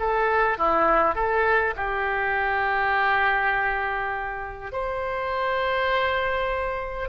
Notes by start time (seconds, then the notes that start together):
0.00 A4
0.58 E4
1.15 A4
1.77 G4
4.73 C5